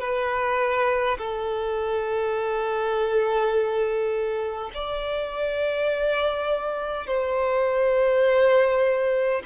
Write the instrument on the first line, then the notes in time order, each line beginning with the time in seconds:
violin
0.00 B4
1.18 A4
4.74 D5
7.07 C5